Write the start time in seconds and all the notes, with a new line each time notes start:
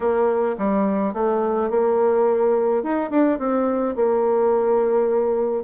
0.00 A#3
0.57 G3
1.13 A3
1.70 A#3
2.83 D#4
3.10 D4
3.39 C4
3.95 A#3